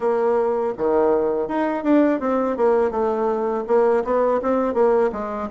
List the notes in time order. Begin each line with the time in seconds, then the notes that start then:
0.00 A#3
0.77 D#3
1.47 D#4
1.83 D4
2.20 C4
2.56 A#3
2.90 A3
3.67 A#3
4.04 B3
4.42 C4
4.74 A#3
5.12 G#3